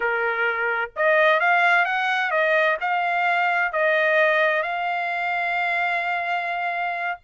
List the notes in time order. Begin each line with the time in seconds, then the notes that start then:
0.00 A#4
0.96 D#5
1.40 F5
1.85 F#5
2.30 D#5
2.81 F5
3.72 D#5
4.62 F5